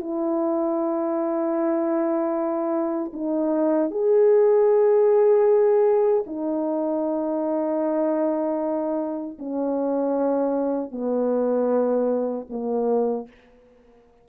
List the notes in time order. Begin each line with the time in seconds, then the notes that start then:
0.00 E4
3.13 D#4
3.90 G#4
6.26 D#4
9.39 C#4
10.91 B3
12.49 A#3